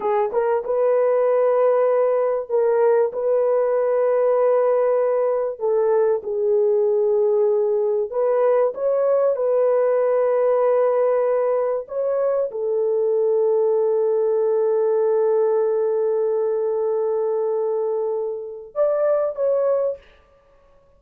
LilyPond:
\new Staff \with { instrumentName = "horn" } { \time 4/4 \tempo 4 = 96 gis'8 ais'8 b'2. | ais'4 b'2.~ | b'4 a'4 gis'2~ | gis'4 b'4 cis''4 b'4~ |
b'2. cis''4 | a'1~ | a'1~ | a'2 d''4 cis''4 | }